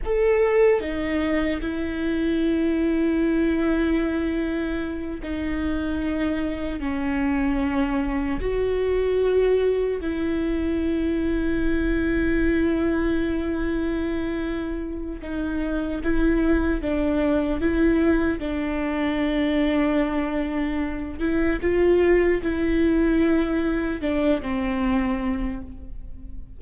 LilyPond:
\new Staff \with { instrumentName = "viola" } { \time 4/4 \tempo 4 = 75 a'4 dis'4 e'2~ | e'2~ e'8 dis'4.~ | dis'8 cis'2 fis'4.~ | fis'8 e'2.~ e'8~ |
e'2. dis'4 | e'4 d'4 e'4 d'4~ | d'2~ d'8 e'8 f'4 | e'2 d'8 c'4. | }